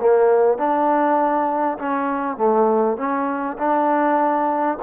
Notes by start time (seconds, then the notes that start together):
0.00 A#3
0.58 D4
1.79 C#4
2.37 A3
2.97 C#4
3.58 D4